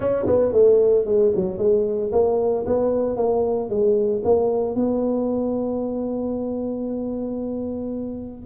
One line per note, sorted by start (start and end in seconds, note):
0.00 0.26 C#4
0.26 0.52 B3
0.52 1.05 A3
1.05 1.32 G#3
1.35 1.58 F#3
1.58 2.11 G#3
2.11 2.65 A#3
2.65 3.16 B3
3.16 3.69 A#3
3.69 4.22 G#3
4.24 4.75 A#3
4.75 8.45 B3